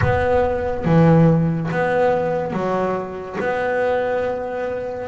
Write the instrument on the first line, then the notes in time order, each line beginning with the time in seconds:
double bass
0.01 B3
0.85 E3
1.71 B3
2.52 F#3
3.40 B3